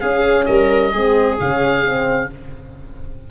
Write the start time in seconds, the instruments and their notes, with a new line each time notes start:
0.00 tuba C#4, horn C#4, viola G#4, oboe F5
0.45 tuba G3, viola A#4, oboe D#5
0.92 tuba G#3, horn C4, viola G#4
1.39 tuba C#3, horn C#4, oboe F5
1.85 horn C4